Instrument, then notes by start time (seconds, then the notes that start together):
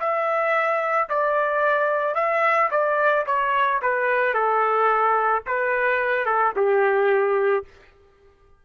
trumpet
0.00 E5
1.10 D5
2.15 E5
2.71 D5
3.27 C#5
3.82 B4
4.34 A4
5.46 B4
6.26 A4
6.56 G4